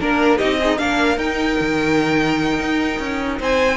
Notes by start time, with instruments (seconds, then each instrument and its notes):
0.00 cello A#3, viola D4, violin A#4
0.37 cello C4, viola D#4, violin G4 D#5
0.60 violin D#4, viola G#4
0.78 cello A#3, viola D4, violin A#4 F5
1.17 cello D#4, viola D#4, violin G5
1.60 cello D#3
2.60 cello D#4
2.99 cello C#4
3.39 cello C4, violin C5 G#5